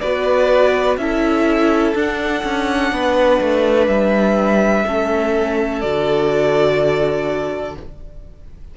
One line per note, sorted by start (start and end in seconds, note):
0.00 0.97 B3
0.00 1.00 F#4
0.00 0.97 B4
0.00 0.97 D5
0.97 1.94 C#4
0.97 1.95 E4
0.97 2.92 A4
0.97 1.94 E5
1.95 2.43 D4
1.95 4.86 D4
1.95 3.87 F#5
2.44 2.92 C#4
2.92 3.40 B3
2.92 4.85 B4
3.41 3.87 A3
3.87 4.84 G3
3.87 5.81 E5
4.85 5.83 A3
4.85 5.83 C#4
4.85 7.76 A4
5.81 7.76 D3
5.81 7.77 F#4
5.81 7.74 D5